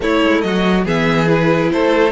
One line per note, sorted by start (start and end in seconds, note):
0.00 0.21 A3
0.00 0.85 A3
0.00 0.45 E4
0.00 0.41 C#5
0.22 0.43 G#3
0.41 0.85 F#3
0.41 0.85 F#4
0.41 0.83 D#5
0.85 1.71 E3
0.85 1.27 B3
0.85 1.70 G#4
0.85 1.28 E5
1.27 2.12 E4
1.27 1.71 B4
1.71 2.12 A3
1.71 2.12 A4
1.71 2.12 C5